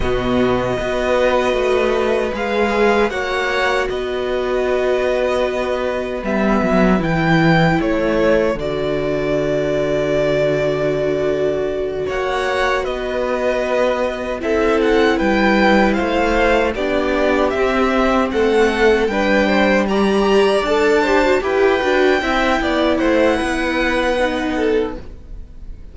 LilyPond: <<
  \new Staff \with { instrumentName = "violin" } { \time 4/4 \tempo 4 = 77 dis''2. f''4 | fis''4 dis''2. | e''4 g''4 cis''4 d''4~ | d''2.~ d''8 fis''8~ |
fis''8 dis''2 e''8 fis''8 g''8~ | g''8 f''4 d''4 e''4 fis''8~ | fis''8 g''4 ais''4 a''4 g''8~ | g''4. fis''2~ fis''8 | }
  \new Staff \with { instrumentName = "violin" } { \time 4/4 fis'4 b'2. | cis''4 b'2.~ | b'2 a'2~ | a'2.~ a'8 cis''8~ |
cis''8 b'2 a'4 b'8~ | b'8 c''4 g'2 a'8~ | a'8 b'8 c''8 d''4. c''8 b'8~ | b'8 e''8 d''8 c''8 b'4. a'8 | }
  \new Staff \with { instrumentName = "viola" } { \time 4/4 b4 fis'2 gis'4 | fis'1 | b4 e'2 fis'4~ | fis'1~ |
fis'2~ fis'8 e'4.~ | e'4. d'4 c'4.~ | c'8 d'4 g'4 a'8 g'16 fis'16 g'8 | fis'8 e'2~ e'8 dis'4 | }
  \new Staff \with { instrumentName = "cello" } { \time 4/4 b,4 b4 a4 gis4 | ais4 b2. | g8 fis8 e4 a4 d4~ | d2.~ d8 ais8~ |
ais8 b2 c'4 g8~ | g8 a4 b4 c'4 a8~ | a8 g2 d'4 e'8 | d'8 c'8 b8 a8 b2 | }
>>